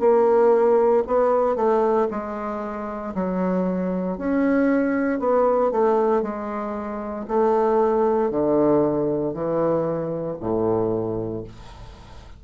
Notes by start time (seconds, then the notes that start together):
0.00 A#3
1.07 B3
1.56 A3
2.11 G#3
3.15 F#3
4.18 C#4
5.20 B3
5.71 A3
6.23 G#3
7.28 A3
8.31 D3
9.34 E3
10.40 A2